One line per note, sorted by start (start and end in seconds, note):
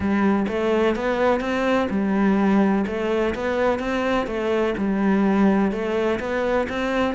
0.00 0.46 G3
0.47 0.95 A3
0.95 1.40 B3
1.40 1.88 C4
1.90 2.85 G3
2.86 3.34 A3
3.35 3.79 B3
3.79 4.26 C4
4.26 4.74 A3
4.77 5.71 G3
5.71 6.19 A3
6.19 6.67 B3
6.69 7.14 C4